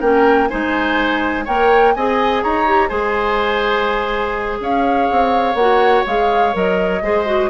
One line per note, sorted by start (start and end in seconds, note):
0.00 0.50 A#3
0.00 0.49 C#4
0.00 0.48 A#4
0.00 0.48 G5
0.48 1.47 G#3
0.48 1.46 D#4
0.48 1.45 C5
0.48 1.44 G#5
1.45 1.95 A#3
1.45 1.95 A#4
1.45 1.93 C#5
1.45 1.94 G5
1.94 2.44 C4
1.94 2.66 G#4
1.94 2.43 D#5
1.94 2.43 G#5
2.43 2.91 D#4
2.43 2.89 C#5
2.43 2.88 A#5
2.66 2.90 G4
2.88 4.60 G#3
2.88 5.56 G#4
2.88 4.58 C5
2.88 4.58 G#5
4.60 5.08 C#4
4.60 7.04 C#5
4.60 5.55 F5
5.11 5.55 C4
5.55 6.03 A#3
5.55 6.07 F#4
5.55 6.04 F#5
6.06 6.54 G#3
6.06 6.53 G#4
6.06 6.56 F5
6.53 7.02 F#3
6.53 7.01 A#4
6.53 7.50 D#5
7.02 7.50 G#3
7.02 7.26 G#4
7.02 7.50 C5
7.26 7.50 F#4